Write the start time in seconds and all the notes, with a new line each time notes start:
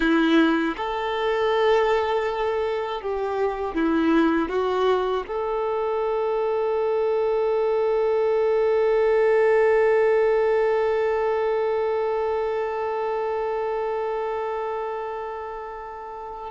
0.00 E4
0.76 A4
3.01 G4
3.74 E4
4.49 F#4
5.27 A4